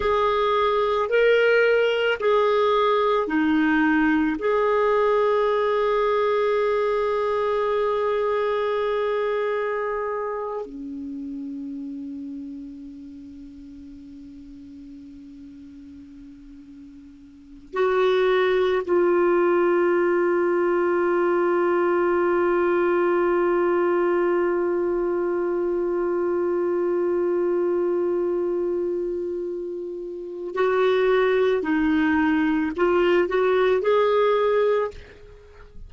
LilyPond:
\new Staff \with { instrumentName = "clarinet" } { \time 4/4 \tempo 4 = 55 gis'4 ais'4 gis'4 dis'4 | gis'1~ | gis'4.~ gis'16 cis'2~ cis'16~ | cis'1~ |
cis'16 fis'4 f'2~ f'8.~ | f'1~ | f'1 | fis'4 dis'4 f'8 fis'8 gis'4 | }